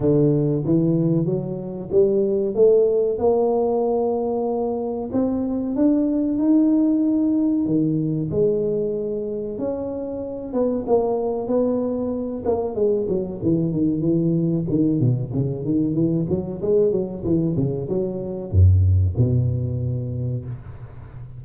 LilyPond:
\new Staff \with { instrumentName = "tuba" } { \time 4/4 \tempo 4 = 94 d4 e4 fis4 g4 | a4 ais2. | c'4 d'4 dis'2 | dis4 gis2 cis'4~ |
cis'8 b8 ais4 b4. ais8 | gis8 fis8 e8 dis8 e4 dis8 b,8 | cis8 dis8 e8 fis8 gis8 fis8 e8 cis8 | fis4 fis,4 b,2 | }